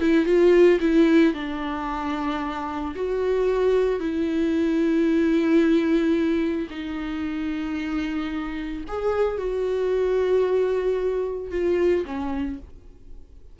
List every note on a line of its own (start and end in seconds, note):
0.00 0.26 E4
0.26 0.79 F4
0.80 1.34 E4
1.34 2.95 D4
2.96 4.00 F#4
4.00 6.68 E4
6.70 8.85 D#4
8.88 9.38 G#4
9.38 11.51 F#4
11.51 12.05 F4
12.06 12.59 C#4